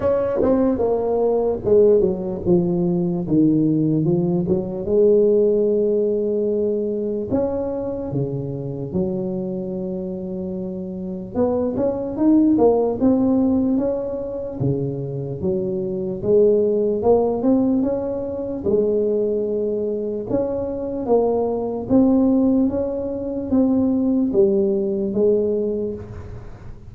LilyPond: \new Staff \with { instrumentName = "tuba" } { \time 4/4 \tempo 4 = 74 cis'8 c'8 ais4 gis8 fis8 f4 | dis4 f8 fis8 gis2~ | gis4 cis'4 cis4 fis4~ | fis2 b8 cis'8 dis'8 ais8 |
c'4 cis'4 cis4 fis4 | gis4 ais8 c'8 cis'4 gis4~ | gis4 cis'4 ais4 c'4 | cis'4 c'4 g4 gis4 | }